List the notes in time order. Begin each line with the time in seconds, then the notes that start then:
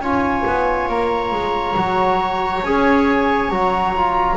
0.00 C#4 F4 C#5 G#5
0.46 B3
0.88 A#3 A#5
1.32 G#3
1.76 F#3 F#4
2.62 C#4 G#4 G#5
3.49 F#3 F#4 A#5
3.95 F4